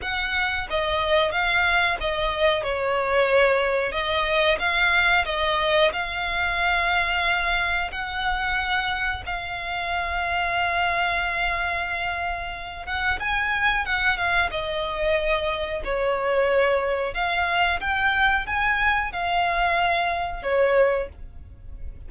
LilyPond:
\new Staff \with { instrumentName = "violin" } { \time 4/4 \tempo 4 = 91 fis''4 dis''4 f''4 dis''4 | cis''2 dis''4 f''4 | dis''4 f''2. | fis''2 f''2~ |
f''2.~ f''8 fis''8 | gis''4 fis''8 f''8 dis''2 | cis''2 f''4 g''4 | gis''4 f''2 cis''4 | }